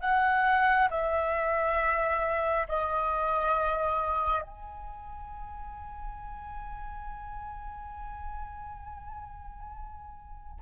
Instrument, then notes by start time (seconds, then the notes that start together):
flute
0.00 F#5
0.90 E5
2.68 D#5
4.42 G#5